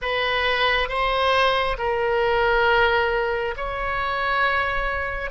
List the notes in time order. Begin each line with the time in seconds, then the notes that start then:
0.01 B4
0.88 C5
1.78 A#4
3.57 C#5